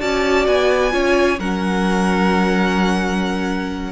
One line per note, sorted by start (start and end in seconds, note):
0.00 0.47 C#4
0.00 0.91 F#4
0.00 0.93 D5
0.00 0.46 A5
0.47 0.93 B3
0.47 1.39 G#5
0.91 1.39 C#4
0.91 1.37 F4
0.91 1.39 C#5
1.39 3.92 F#3
1.39 3.92 C#4
1.39 3.92 A#4
1.39 3.92 F#5